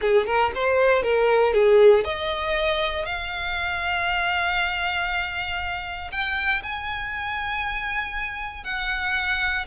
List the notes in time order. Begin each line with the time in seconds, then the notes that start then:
0.01 G#4
0.26 A#4
0.55 C5
1.03 A#4
1.53 G#4
2.04 D#5
3.05 F5
6.11 G5
6.62 G#5
8.64 F#5